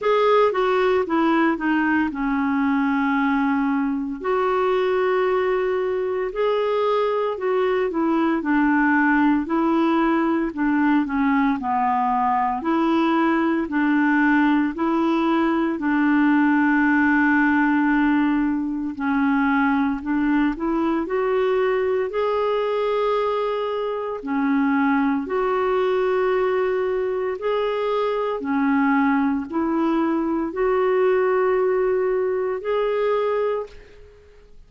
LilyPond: \new Staff \with { instrumentName = "clarinet" } { \time 4/4 \tempo 4 = 57 gis'8 fis'8 e'8 dis'8 cis'2 | fis'2 gis'4 fis'8 e'8 | d'4 e'4 d'8 cis'8 b4 | e'4 d'4 e'4 d'4~ |
d'2 cis'4 d'8 e'8 | fis'4 gis'2 cis'4 | fis'2 gis'4 cis'4 | e'4 fis'2 gis'4 | }